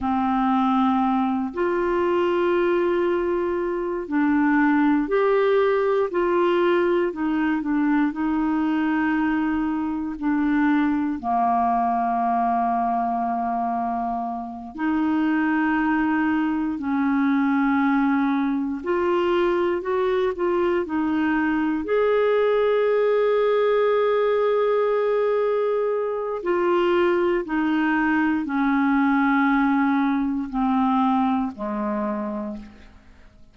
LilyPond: \new Staff \with { instrumentName = "clarinet" } { \time 4/4 \tempo 4 = 59 c'4. f'2~ f'8 | d'4 g'4 f'4 dis'8 d'8 | dis'2 d'4 ais4~ | ais2~ ais8 dis'4.~ |
dis'8 cis'2 f'4 fis'8 | f'8 dis'4 gis'2~ gis'8~ | gis'2 f'4 dis'4 | cis'2 c'4 gis4 | }